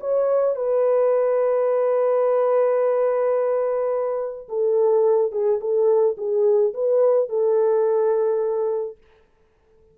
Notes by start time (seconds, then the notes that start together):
0.00 C#5
0.56 B4
4.49 A4
5.32 G#4
5.60 A4
6.17 G#4
6.74 B4
7.29 A4